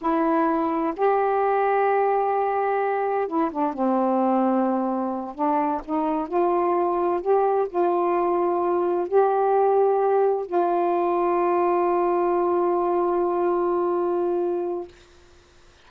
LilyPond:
\new Staff \with { instrumentName = "saxophone" } { \time 4/4 \tempo 4 = 129 e'2 g'2~ | g'2. e'8 d'8 | c'2.~ c'8 d'8~ | d'8 dis'4 f'2 g'8~ |
g'8 f'2. g'8~ | g'2~ g'8 f'4.~ | f'1~ | f'1 | }